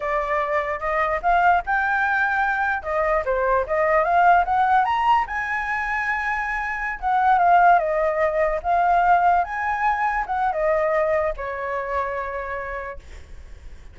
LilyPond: \new Staff \with { instrumentName = "flute" } { \time 4/4 \tempo 4 = 148 d''2 dis''4 f''4 | g''2. dis''4 | c''4 dis''4 f''4 fis''4 | ais''4 gis''2.~ |
gis''4~ gis''16 fis''4 f''4 dis''8.~ | dis''4~ dis''16 f''2 gis''8.~ | gis''4~ gis''16 fis''8. dis''2 | cis''1 | }